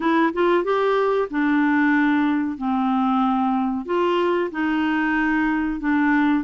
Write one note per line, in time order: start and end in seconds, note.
0.00 0.32 E4
0.33 0.63 F4
0.63 1.28 G4
1.30 2.57 D4
2.57 3.85 C4
3.85 4.50 F4
4.51 5.79 D#4
5.79 6.43 D4